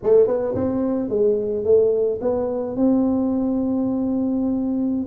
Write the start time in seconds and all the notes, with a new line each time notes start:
0.03 A3
0.27 B3
0.55 C4
1.09 G#3
1.64 A3
2.21 B3
2.76 C4